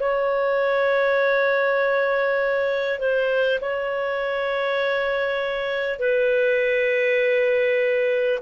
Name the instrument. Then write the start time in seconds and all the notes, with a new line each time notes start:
clarinet
0.00 C#5
2.99 C5
3.61 C#5
5.99 B4